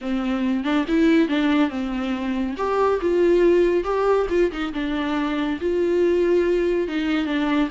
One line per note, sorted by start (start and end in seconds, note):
0.01 0.64 C4
0.64 0.85 D4
0.88 1.28 E4
1.28 1.69 D4
1.69 2.55 C4
2.57 3.00 G4
3.01 3.84 F4
3.84 4.26 G4
4.29 4.51 F4
4.51 4.73 D#4
4.73 5.59 D4
5.60 6.87 F4
6.87 7.25 D#4
7.25 7.68 D4